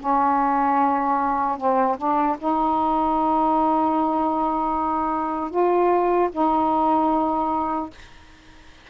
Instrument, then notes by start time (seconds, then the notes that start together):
saxophone
0.00 C#4
1.58 C4
1.98 D4
2.39 D#4
5.51 F4
6.32 D#4